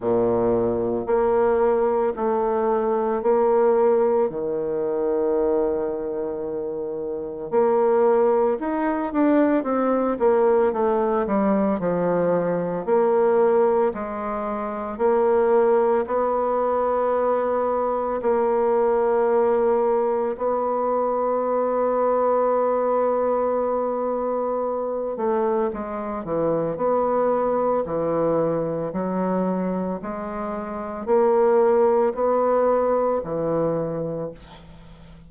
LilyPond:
\new Staff \with { instrumentName = "bassoon" } { \time 4/4 \tempo 4 = 56 ais,4 ais4 a4 ais4 | dis2. ais4 | dis'8 d'8 c'8 ais8 a8 g8 f4 | ais4 gis4 ais4 b4~ |
b4 ais2 b4~ | b2.~ b8 a8 | gis8 e8 b4 e4 fis4 | gis4 ais4 b4 e4 | }